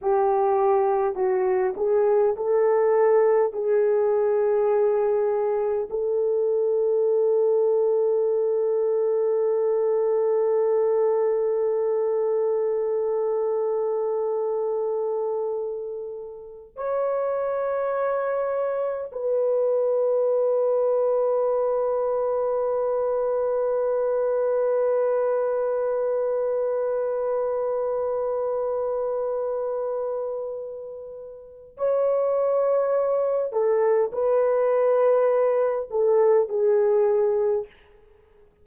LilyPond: \new Staff \with { instrumentName = "horn" } { \time 4/4 \tempo 4 = 51 g'4 fis'8 gis'8 a'4 gis'4~ | gis'4 a'2.~ | a'1~ | a'2~ a'16 cis''4.~ cis''16~ |
cis''16 b'2.~ b'8.~ | b'1~ | b'2. cis''4~ | cis''8 a'8 b'4. a'8 gis'4 | }